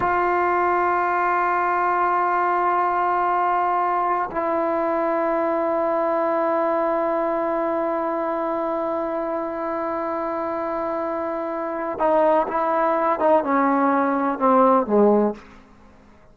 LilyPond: \new Staff \with { instrumentName = "trombone" } { \time 4/4 \tempo 4 = 125 f'1~ | f'1~ | f'4 e'2.~ | e'1~ |
e'1~ | e'1~ | e'4 dis'4 e'4. dis'8 | cis'2 c'4 gis4 | }